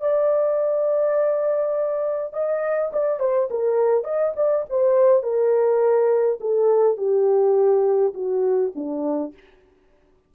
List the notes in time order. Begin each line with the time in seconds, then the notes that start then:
0.00 D5
2.33 D#5
2.92 D5
3.19 C5
3.50 A#4
4.04 D#5
4.36 D5
4.69 C5
5.22 A#4
6.40 A4
6.97 G4
8.14 F#4
8.75 D4